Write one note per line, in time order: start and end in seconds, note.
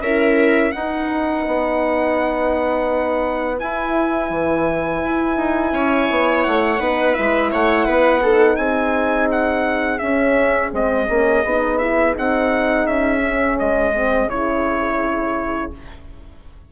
0.00 0.71 C#4
0.00 0.72 E4
0.00 0.74 A#4
0.00 0.71 E5
0.71 3.58 D#4
0.71 1.46 D#4
0.71 5.74 B4
0.71 3.57 F#5
1.47 3.61 B3
3.58 6.78 E4
3.58 4.30 E4
3.58 6.43 G#5
4.30 5.01 E3
5.04 5.36 E4
5.36 5.72 D#4
5.72 6.08 C#4
5.72 6.79 C#5
6.10 6.46 B3
6.43 6.79 A3
6.43 7.14 F#5
6.78 7.15 B3
6.78 7.14 D#4
6.78 7.51 B4
7.14 7.52 G#3
7.14 8.21 E4
7.14 7.50 E5
7.51 7.86 A3
7.51 7.85 C#5
7.51 8.56 F#5
7.85 8.57 B3
7.85 8.21 B4
8.22 10.01 D#4
8.22 8.57 A4
8.56 9.99 C4
8.56 15.71 G#4
8.56 9.27 G#5
9.31 9.98 F#5
9.98 10.72 C#4
9.98 10.69 E5
10.72 11.08 G#3
10.72 11.07 C4
10.72 11.78 D#5
11.08 11.44 A#3
11.08 11.44 C#4
11.44 12.15 B3
11.44 11.80 D#4
11.78 12.13 E4
11.78 12.13 E5
12.13 12.86 C4
12.13 13.20 D#4
12.13 12.86 F#5
12.86 13.57 C#4
12.86 13.58 E5
13.23 13.94 C#4
13.59 14.27 G#3
13.59 14.29 D#5
13.94 14.29 C4
14.27 15.70 C#3
14.27 15.72 E4
14.27 15.72 C#5